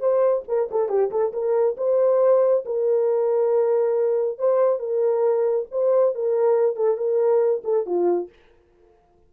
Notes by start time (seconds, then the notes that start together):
0.00 C5
0.48 A#4
0.72 A4
0.89 G4
1.11 A4
1.33 A#4
1.77 C5
2.65 A#4
4.39 C5
4.79 A#4
5.71 C5
6.15 A#4
6.76 A4
6.97 A#4
7.64 A4
7.86 F4